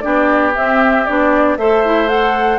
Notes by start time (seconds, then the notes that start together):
0.00 B3 D4 G4 D5
0.54 C4 E5
1.05 B3 D4 D5
1.56 A3 A4 C5 E5
1.85 E4
2.07 A4 F#5